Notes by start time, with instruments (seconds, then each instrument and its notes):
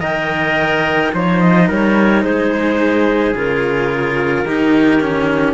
0.00 cello D#3 A#4, trumpet D#5, clarinet G5
1.12 cello F3 D#4, trumpet C5, clarinet C#5
1.40 clarinet D#5
1.68 cello G3, trumpet A#4, clarinet C#5
2.23 cello G#3, trumpet G#4, clarinet C5
3.34 cello C#3 F4, clarinet A#4
4.44 cello D#3 D#4, trumpet G4
5.01 cello C#4